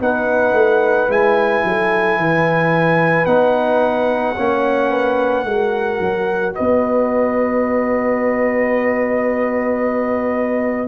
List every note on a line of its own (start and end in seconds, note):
0.00 0.52 B3
0.00 1.09 D#4
0.00 1.66 B4
0.00 1.11 F#5
0.52 1.07 A3
1.08 1.62 G#3
1.08 3.26 E4
1.08 3.25 G#5
1.64 2.17 F#3
1.64 2.20 A4
2.17 3.26 E3
2.17 4.36 B4
3.25 4.35 B3
3.25 4.35 D#4
3.25 6.53 F#5
4.36 5.44 A#3
4.36 5.46 C#4
4.36 4.91 C#5
4.91 5.45 B4
5.44 5.99 G#3
5.44 10.88 F#4
5.44 6.55 A#4
6.00 6.54 F#3
6.55 10.88 B3
6.55 10.88 B4
6.55 10.88 D#5